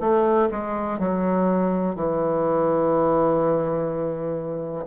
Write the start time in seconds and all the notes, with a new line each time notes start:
0.00 A3
0.51 G#3
0.99 F#3
1.95 E3